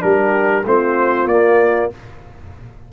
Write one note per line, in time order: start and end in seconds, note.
0.00 0.65 G3
0.00 0.62 D4
0.00 0.65 G4
0.00 0.64 A#4
0.65 1.25 A3
0.65 1.29 C4
0.65 1.92 F4
0.65 1.28 C5
1.25 1.88 A#3
1.25 1.92 A#3
1.25 1.90 D5